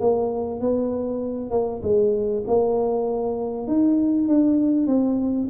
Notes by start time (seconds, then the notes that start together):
0.00 A#3
0.60 B3
1.51 A#3
1.83 G#3
2.47 A#3
3.67 D#4
4.28 D4
4.87 C4